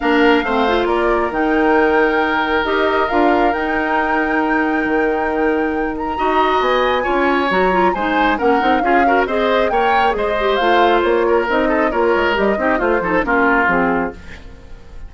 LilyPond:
<<
  \new Staff \with { instrumentName = "flute" } { \time 4/4 \tempo 4 = 136 f''2 d''4 g''4~ | g''2 dis''4 f''4 | g''1~ | g''4. ais''4. gis''4~ |
gis''4 ais''4 gis''4 fis''4 | f''4 dis''4 g''4 dis''4 | f''4 cis''4 dis''4 cis''4 | dis''4 c''4 ais'4 gis'4 | }
  \new Staff \with { instrumentName = "oboe" } { \time 4/4 ais'4 c''4 ais'2~ | ais'1~ | ais'1~ | ais'2 dis''2 |
cis''2 c''4 ais'4 | gis'8 ais'8 c''4 cis''4 c''4~ | c''4. ais'4 a'8 ais'4~ | ais'8 g'8 f'8 a'8 f'2 | }
  \new Staff \with { instrumentName = "clarinet" } { \time 4/4 d'4 c'8 f'4. dis'4~ | dis'2 g'4 f'4 | dis'1~ | dis'2 fis'2 |
f'4 fis'8 f'8 dis'4 cis'8 dis'8 | f'8 fis'8 gis'4 ais'4 gis'8 g'8 | f'2 dis'4 f'4 | g'8 dis'8 f'8 dis'8 cis'4 c'4 | }
  \new Staff \with { instrumentName = "bassoon" } { \time 4/4 ais4 a4 ais4 dis4~ | dis2 dis'4 d'4 | dis'2. dis4~ | dis2 dis'4 b4 |
cis'4 fis4 gis4 ais8 c'8 | cis'4 c'4 ais4 gis4 | a4 ais4 c'4 ais8 gis8 | g8 c'8 a8 f8 ais4 f4 | }
>>